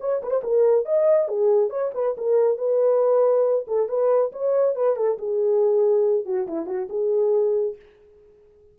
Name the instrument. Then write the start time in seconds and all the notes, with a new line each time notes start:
horn
0.00 C#5
0.22 B4
0.30 C5
0.44 A#4
0.85 D#5
1.28 G#4
1.70 C#5
1.94 B4
2.17 A#4
2.58 B4
3.67 A4
3.89 B4
4.32 C#5
4.75 B4
4.96 A4
5.18 G#4
6.25 F#4
6.47 E4
6.66 F#4
6.89 G#4